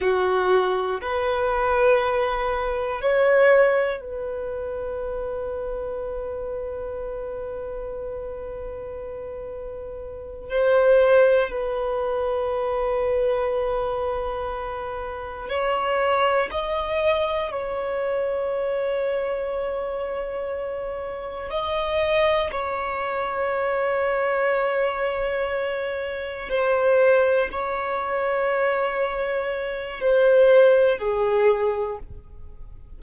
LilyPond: \new Staff \with { instrumentName = "violin" } { \time 4/4 \tempo 4 = 60 fis'4 b'2 cis''4 | b'1~ | b'2~ b'8 c''4 b'8~ | b'2.~ b'8 cis''8~ |
cis''8 dis''4 cis''2~ cis''8~ | cis''4. dis''4 cis''4.~ | cis''2~ cis''8 c''4 cis''8~ | cis''2 c''4 gis'4 | }